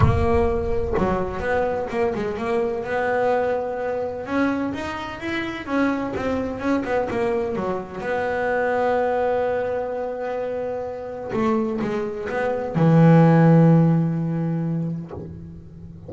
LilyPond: \new Staff \with { instrumentName = "double bass" } { \time 4/4 \tempo 4 = 127 ais2 fis4 b4 | ais8 gis8 ais4 b2~ | b4 cis'4 dis'4 e'4 | cis'4 c'4 cis'8 b8 ais4 |
fis4 b2.~ | b1 | a4 gis4 b4 e4~ | e1 | }